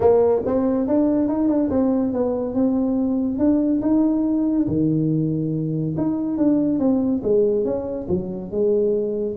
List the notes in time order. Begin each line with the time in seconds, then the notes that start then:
0.00 A#3
0.45 C4
0.87 D4
1.28 D#4
1.48 D4
1.70 C4
2.12 B3
2.54 C4
3.38 D4
3.81 D#4
4.67 D#3
5.97 D#4
6.37 D4
6.79 C4
7.23 G#3
7.64 C#4
8.08 F#3
8.51 G#3